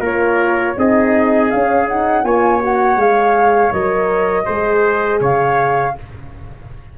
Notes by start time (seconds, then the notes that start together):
0.00 A#3 F4 A#4 C#5
0.77 C4 D#4 G#4 D#5
1.51 C#4 F5
1.88 D#4 F#5
2.23 A#3 F4 C#5 G#5
2.61 F#4 F#5
2.97 G#3 G#4 F5
3.73 F#3 A#4 D#5
4.46 G#3 G#4 C5
5.21 C#3 C#5 F5